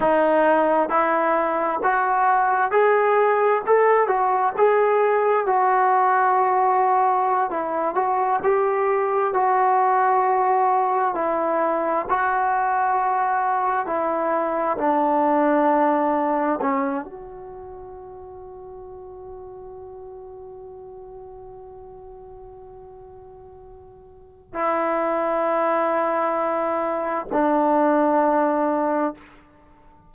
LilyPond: \new Staff \with { instrumentName = "trombone" } { \time 4/4 \tempo 4 = 66 dis'4 e'4 fis'4 gis'4 | a'8 fis'8 gis'4 fis'2~ | fis'16 e'8 fis'8 g'4 fis'4.~ fis'16~ | fis'16 e'4 fis'2 e'8.~ |
e'16 d'2 cis'8 fis'4~ fis'16~ | fis'1~ | fis'2. e'4~ | e'2 d'2 | }